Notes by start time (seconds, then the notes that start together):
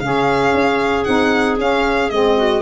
0.00 C#3 C#4 G#4 F5
0.54 C#4
1.04 C4 D#4 F#5
1.58 C#4 F5
2.10 G#3 C4 D#5
2.37 F#4